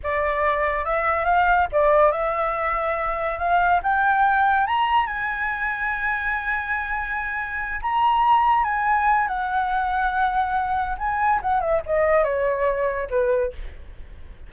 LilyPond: \new Staff \with { instrumentName = "flute" } { \time 4/4 \tempo 4 = 142 d''2 e''4 f''4 | d''4 e''2. | f''4 g''2 ais''4 | gis''1~ |
gis''2~ gis''8 ais''4.~ | ais''8 gis''4. fis''2~ | fis''2 gis''4 fis''8 e''8 | dis''4 cis''2 b'4 | }